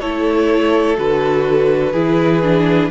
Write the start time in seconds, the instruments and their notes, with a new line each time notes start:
0.00 cello A3, viola E4, violin A4 C#5
0.97 cello D3, viola F#4, violin B4
1.93 cello E3, viola E4, violin G#4
2.43 viola D4